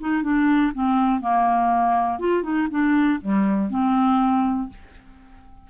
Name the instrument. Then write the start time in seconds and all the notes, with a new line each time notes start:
clarinet
0.00 D#4
0.23 D4
0.74 C4
1.21 A#3
2.19 F4
2.43 D#4
2.70 D4
3.21 G3
3.70 C4